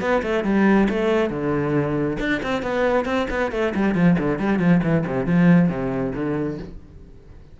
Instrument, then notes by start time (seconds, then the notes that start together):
cello
0.00 B3
0.22 A3
0.44 G3
0.89 A3
1.30 D3
2.19 D4
2.43 C4
2.62 B3
3.05 C4
3.30 B3
3.51 A3
3.74 G3
3.95 F3
4.18 D3
4.38 G3
4.59 F3
4.83 E3
5.06 C3
5.26 F3
5.69 C3
6.15 D3